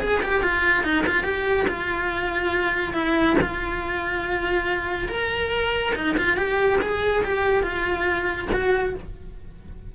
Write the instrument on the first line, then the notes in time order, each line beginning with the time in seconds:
cello
0.00 G#4
0.23 G4
0.43 F4
0.84 D#4
1.07 F4
1.24 G4
1.68 F4
2.94 E4
3.41 F4
5.08 A#4
5.95 D#4
6.17 F4
6.37 G4
6.81 G#4
7.24 G4
7.63 F4
8.53 F#4